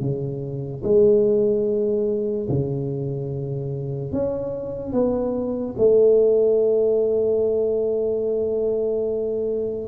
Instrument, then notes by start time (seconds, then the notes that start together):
tuba
0.00 C#3
0.83 G#3
2.49 C#3
4.12 C#4
4.92 B3
5.78 A3